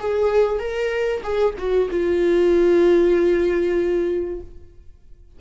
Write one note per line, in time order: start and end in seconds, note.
0.00 0.60 G#4
0.60 1.22 A#4
1.24 1.55 G#4
1.59 1.90 F#4
1.91 4.41 F4